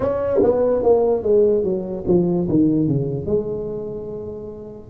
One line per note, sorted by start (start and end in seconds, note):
0.00 0.40 C#4
0.43 0.82 B3
0.82 1.22 A#3
1.22 1.63 G#3
1.63 2.04 F#3
2.07 2.48 F3
2.49 2.87 D#3
2.87 3.25 C#3
3.25 4.90 G#3